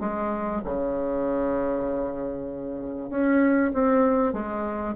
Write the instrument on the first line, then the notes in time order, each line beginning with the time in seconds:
bassoon
0.00 G#3
0.65 C#3
3.10 C#4
3.74 C4
4.33 G#3